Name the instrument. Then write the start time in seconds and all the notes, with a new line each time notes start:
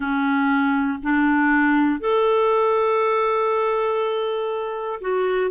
clarinet
0.00 C#4
1.02 D4
2.00 A4
5.00 F#4